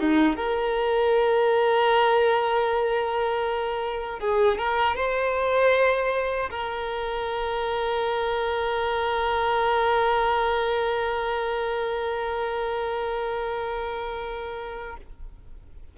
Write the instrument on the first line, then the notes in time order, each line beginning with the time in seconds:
violin
0.00 D#4
0.36 A#4
4.20 G#4
4.58 A#4
4.96 C5
6.51 A#4